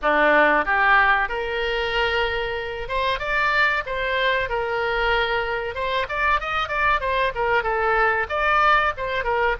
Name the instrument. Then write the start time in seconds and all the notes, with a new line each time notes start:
oboe
0.01 D4
0.65 G4
1.29 A#4
2.88 C5
3.19 D5
3.86 C5
4.49 A#4
5.74 C5
6.08 D5
6.40 D#5
6.68 D5
7.00 C5
7.34 A#4
7.63 A4
8.29 D5
8.97 C5
9.24 A#4